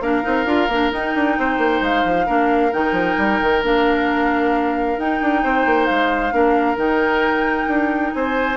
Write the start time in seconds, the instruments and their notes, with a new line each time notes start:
0.00 bassoon A#3, clarinet D4, oboe A#4, flute F5
0.22 bassoon C4, clarinet D#4
0.45 bassoon D4, clarinet F4
0.68 bassoon A#3, clarinet D4
0.91 clarinet D#4, bassoon D#4, flute G5
1.15 bassoon D4
1.38 bassoon C4, oboe C5
1.58 bassoon A#3
1.81 bassoon G#3, flute F5
2.04 bassoon F3
2.26 bassoon A#3, clarinet D4, oboe A#4
2.72 bassoon D#3, clarinet D#4, flute G5
2.92 bassoon F3
3.18 bassoon G3
3.41 bassoon D#3
3.63 bassoon A#3, clarinet D4, flute F5
4.97 bassoon D#4, clarinet D#4, flute G5
5.21 bassoon D4
5.43 bassoon C4, oboe C5
5.66 bassoon A#3
5.85 bassoon G#3, flute F5
6.32 bassoon A#3, clarinet D4, oboe A#4
6.76 bassoon D#3, clarinet D#4, flute G5
7.67 bassoon D4
8.13 bassoon C4, oboe C5, flute G#5